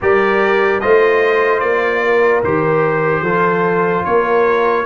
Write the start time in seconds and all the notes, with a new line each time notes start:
0.01 G3 G4 A#4 D5
0.80 A3 F4 C5 D#5
1.59 A#3 D5
2.03 A#4
2.43 D#3 G4 C5
3.21 F3 F4 A4
4.04 A#3 A#4 C#5